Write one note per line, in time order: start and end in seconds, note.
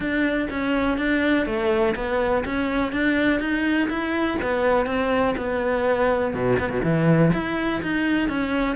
0.00 0.47 D4
0.50 0.97 C#4
0.97 1.45 D4
1.45 1.94 A3
1.95 2.44 B3
2.45 2.92 C#4
2.92 3.39 D4
3.39 3.88 D#4
3.89 4.37 E4
4.41 4.86 B3
4.86 5.34 C4
5.37 6.34 B3
6.34 6.58 B2
6.59 6.69 B3
6.69 6.81 B2
6.83 7.31 E3
7.33 7.82 E4
7.82 8.28 D#4
8.28 8.76 C#4